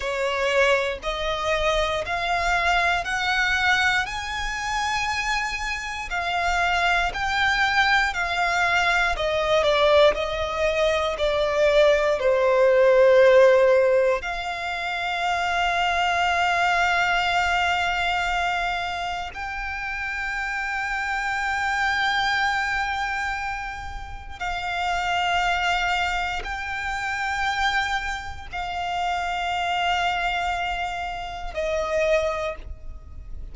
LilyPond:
\new Staff \with { instrumentName = "violin" } { \time 4/4 \tempo 4 = 59 cis''4 dis''4 f''4 fis''4 | gis''2 f''4 g''4 | f''4 dis''8 d''8 dis''4 d''4 | c''2 f''2~ |
f''2. g''4~ | g''1 | f''2 g''2 | f''2. dis''4 | }